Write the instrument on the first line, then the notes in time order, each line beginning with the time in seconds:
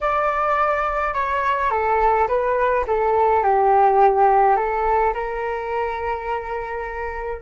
flute
0.00 D5
1.14 C#5
1.70 A4
2.28 B4
2.87 A4
3.43 G4
4.56 A4
5.14 A#4